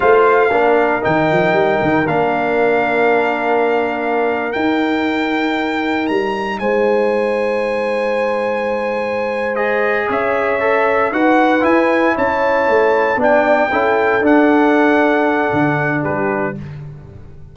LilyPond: <<
  \new Staff \with { instrumentName = "trumpet" } { \time 4/4 \tempo 4 = 116 f''2 g''2 | f''1~ | f''8. g''2. ais''16~ | ais''8. gis''2.~ gis''16~ |
gis''2~ gis''8 dis''4 e''8~ | e''4. fis''4 gis''4 a''8~ | a''4. g''2 fis''8~ | fis''2. b'4 | }
  \new Staff \with { instrumentName = "horn" } { \time 4/4 c''4 ais'2.~ | ais'1~ | ais'1~ | ais'8. c''2.~ c''16~ |
c''2.~ c''8 cis''8~ | cis''4. b'2 cis''8~ | cis''4. d''4 a'4.~ | a'2. g'4 | }
  \new Staff \with { instrumentName = "trombone" } { \time 4/4 f'4 d'4 dis'2 | d'1~ | d'8. dis'2.~ dis'16~ | dis'1~ |
dis'2~ dis'8 gis'4.~ | gis'8 a'4 fis'4 e'4.~ | e'4. d'4 e'4 d'8~ | d'1 | }
  \new Staff \with { instrumentName = "tuba" } { \time 4/4 a4 ais4 dis8 f8 g8 dis8 | ais1~ | ais8. dis'2. g16~ | g8. gis2.~ gis16~ |
gis2.~ gis8 cis'8~ | cis'4. dis'4 e'4 cis'8~ | cis'8 a4 b4 cis'4 d'8~ | d'2 d4 g4 | }
>>